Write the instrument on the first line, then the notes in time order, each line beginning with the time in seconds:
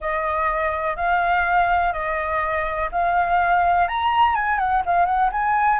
flute
0.00 D#5
0.96 F5
1.92 D#5
2.91 F5
3.88 A#5
4.35 G#5
4.58 F#5
4.85 F5
5.05 F#5
5.31 G#5